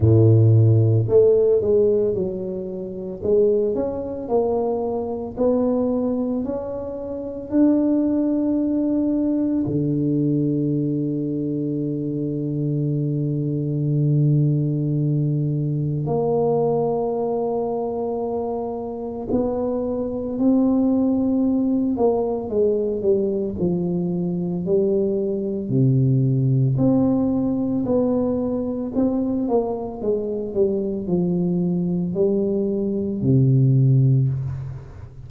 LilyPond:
\new Staff \with { instrumentName = "tuba" } { \time 4/4 \tempo 4 = 56 a,4 a8 gis8 fis4 gis8 cis'8 | ais4 b4 cis'4 d'4~ | d'4 d2.~ | d2. ais4~ |
ais2 b4 c'4~ | c'8 ais8 gis8 g8 f4 g4 | c4 c'4 b4 c'8 ais8 | gis8 g8 f4 g4 c4 | }